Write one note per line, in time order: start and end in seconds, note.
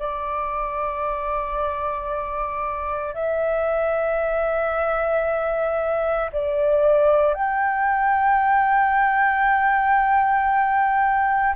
0.00 3.15 D5
3.15 6.31 E5
6.33 7.34 D5
7.34 11.56 G5